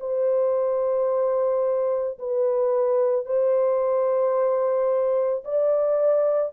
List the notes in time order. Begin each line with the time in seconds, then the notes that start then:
0.00 C5
2.19 B4
3.25 C5
5.44 D5